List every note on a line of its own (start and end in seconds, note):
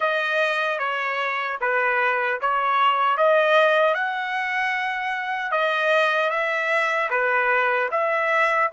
0.00 0.79 D#5
0.79 1.58 C#5
1.60 2.39 B4
2.40 3.17 C#5
3.17 3.94 D#5
3.94 5.51 F#5
5.51 6.30 D#5
6.30 7.09 E5
7.10 7.89 B4
7.91 8.69 E5